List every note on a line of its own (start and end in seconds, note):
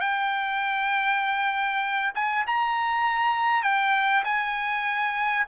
0.00 2.12 G5
2.15 2.45 G#5
2.46 3.63 A#5
3.63 4.23 G5
4.24 5.45 G#5